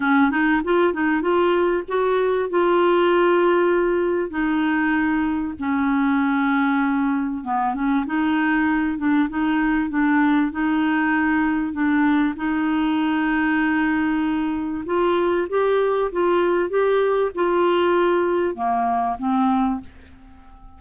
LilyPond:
\new Staff \with { instrumentName = "clarinet" } { \time 4/4 \tempo 4 = 97 cis'8 dis'8 f'8 dis'8 f'4 fis'4 | f'2. dis'4~ | dis'4 cis'2. | b8 cis'8 dis'4. d'8 dis'4 |
d'4 dis'2 d'4 | dis'1 | f'4 g'4 f'4 g'4 | f'2 ais4 c'4 | }